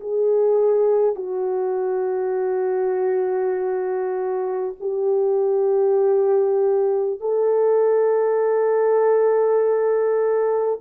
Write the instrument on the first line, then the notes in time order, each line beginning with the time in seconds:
horn
0.00 G#4
1.16 F#4
4.80 G4
7.20 A4